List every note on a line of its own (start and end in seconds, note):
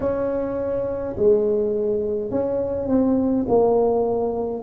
0.00 1.15 C#4
1.16 2.31 G#3
2.31 2.88 C#4
2.88 3.46 C4
3.48 4.63 A#3